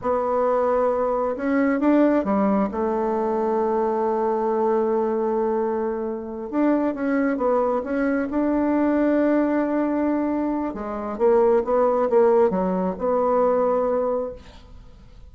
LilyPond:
\new Staff \with { instrumentName = "bassoon" } { \time 4/4 \tempo 4 = 134 b2. cis'4 | d'4 g4 a2~ | a1~ | a2~ a8 d'4 cis'8~ |
cis'8 b4 cis'4 d'4.~ | d'1 | gis4 ais4 b4 ais4 | fis4 b2. | }